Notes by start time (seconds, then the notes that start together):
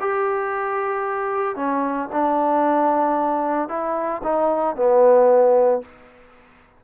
0.00 G4
1.56 C#4
2.12 D4
3.69 E4
4.23 D#4
4.76 B3